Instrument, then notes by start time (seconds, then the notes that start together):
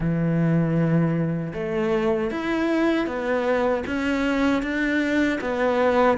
cello
0.00 E3
1.53 A3
2.30 E4
3.06 B3
3.86 C#4
4.62 D4
5.41 B3